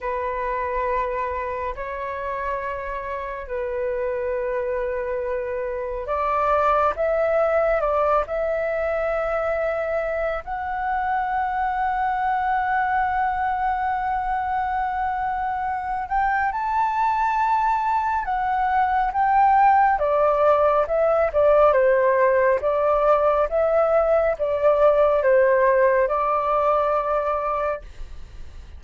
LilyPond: \new Staff \with { instrumentName = "flute" } { \time 4/4 \tempo 4 = 69 b'2 cis''2 | b'2. d''4 | e''4 d''8 e''2~ e''8 | fis''1~ |
fis''2~ fis''8 g''8 a''4~ | a''4 fis''4 g''4 d''4 | e''8 d''8 c''4 d''4 e''4 | d''4 c''4 d''2 | }